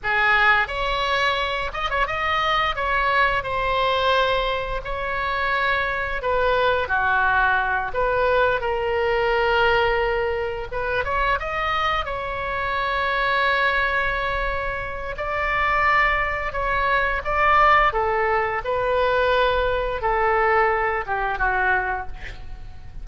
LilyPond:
\new Staff \with { instrumentName = "oboe" } { \time 4/4 \tempo 4 = 87 gis'4 cis''4. dis''16 cis''16 dis''4 | cis''4 c''2 cis''4~ | cis''4 b'4 fis'4. b'8~ | b'8 ais'2. b'8 |
cis''8 dis''4 cis''2~ cis''8~ | cis''2 d''2 | cis''4 d''4 a'4 b'4~ | b'4 a'4. g'8 fis'4 | }